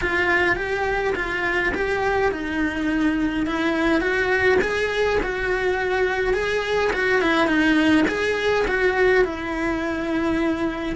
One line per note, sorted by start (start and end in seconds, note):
0.01 0.56 F4
0.56 1.14 G4
1.15 1.72 F4
1.74 2.31 G4
2.31 3.46 D#4
3.46 4.00 E4
4.00 4.58 F#4
4.61 5.19 G#4
5.22 6.33 F#4
6.33 6.91 G#4
6.93 7.21 F#4
7.21 7.47 E4
7.47 8.05 D#4
8.08 8.65 G#4
8.67 9.24 F#4
9.24 10.96 E4